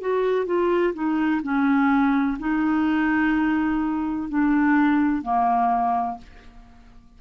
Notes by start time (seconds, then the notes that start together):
0.00 F#4
0.45 F4
0.94 D#4
1.42 C#4
2.39 D#4
4.29 D4
5.22 A#3